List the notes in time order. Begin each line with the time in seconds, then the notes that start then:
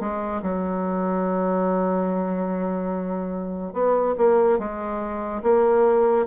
0.00 G#3
0.42 F#3
3.73 B3
4.17 A#3
4.59 G#3
5.43 A#3